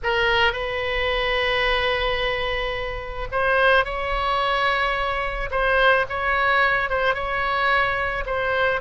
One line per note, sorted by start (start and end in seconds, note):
0.03 0.52 A#4
0.52 3.28 B4
3.31 3.84 C5
3.84 5.49 C#5
5.50 6.05 C5
6.09 6.89 C#5
6.89 7.14 C5
7.14 8.24 C#5
8.26 8.80 C5